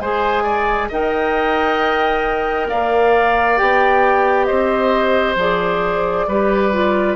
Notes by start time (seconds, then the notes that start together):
0.00 G#3 G#4 C5 G#5
0.43 D5
0.88 D#4 A#4 D#5 G5
2.69 A#3 D5 F5
3.57 B3 G4 G5
4.45 C4 C5 D#5
5.36 F3 G#4 D5
6.27 G3 G4 B4
6.73 F4